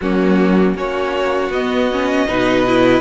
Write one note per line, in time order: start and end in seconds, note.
0.00 0.74 F#3
0.00 0.76 A#3
0.00 0.76 C#4
0.00 0.76 F#4
0.74 1.49 A#3
0.74 1.52 C#4
0.74 2.28 F#4
0.74 1.52 C#5
1.49 2.25 B3
1.49 1.91 B3
1.49 3.00 D#5
1.91 2.27 C#4
2.27 3.00 B2
2.27 2.65 D#4
2.27 3.00 B4
2.66 3.00 E4